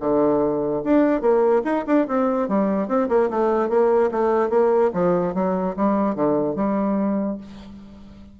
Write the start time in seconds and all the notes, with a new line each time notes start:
0.00 D3
0.84 D4
1.21 A#3
1.64 D#4
1.87 D4
2.08 C4
2.48 G3
2.88 C4
3.09 A#3
3.30 A3
3.69 A#3
4.11 A3
4.50 A#3
4.94 F3
5.34 F#3
5.76 G3
6.15 D3
6.55 G3